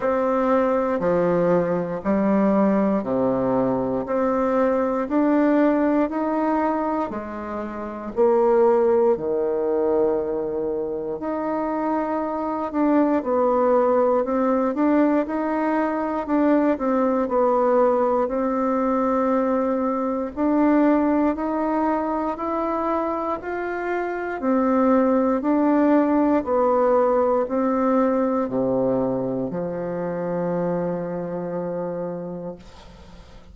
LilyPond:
\new Staff \with { instrumentName = "bassoon" } { \time 4/4 \tempo 4 = 59 c'4 f4 g4 c4 | c'4 d'4 dis'4 gis4 | ais4 dis2 dis'4~ | dis'8 d'8 b4 c'8 d'8 dis'4 |
d'8 c'8 b4 c'2 | d'4 dis'4 e'4 f'4 | c'4 d'4 b4 c'4 | c4 f2. | }